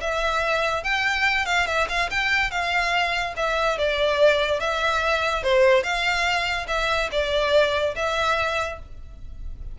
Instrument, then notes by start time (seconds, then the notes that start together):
violin
0.00 E5
0.83 G5
1.45 F5
1.66 E5
1.89 F5
2.10 G5
2.50 F5
3.36 E5
3.78 D5
4.60 E5
5.43 C5
5.83 F5
6.67 E5
7.11 D5
7.95 E5